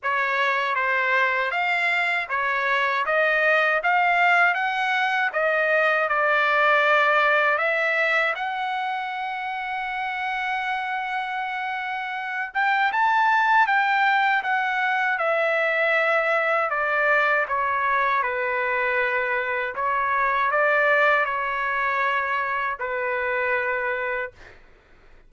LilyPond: \new Staff \with { instrumentName = "trumpet" } { \time 4/4 \tempo 4 = 79 cis''4 c''4 f''4 cis''4 | dis''4 f''4 fis''4 dis''4 | d''2 e''4 fis''4~ | fis''1~ |
fis''8 g''8 a''4 g''4 fis''4 | e''2 d''4 cis''4 | b'2 cis''4 d''4 | cis''2 b'2 | }